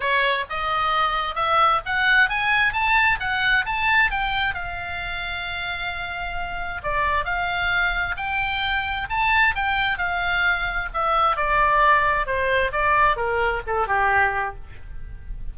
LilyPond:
\new Staff \with { instrumentName = "oboe" } { \time 4/4 \tempo 4 = 132 cis''4 dis''2 e''4 | fis''4 gis''4 a''4 fis''4 | a''4 g''4 f''2~ | f''2. d''4 |
f''2 g''2 | a''4 g''4 f''2 | e''4 d''2 c''4 | d''4 ais'4 a'8 g'4. | }